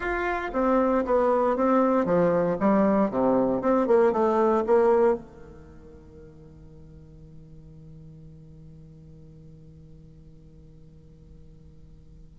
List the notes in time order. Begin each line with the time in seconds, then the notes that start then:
0.00 F4
0.52 C4
1.05 B3
1.56 C4
2.05 F3
2.60 G3
3.10 C3
3.61 C4
3.87 A#3
4.12 A3
4.66 A#3
5.15 D#3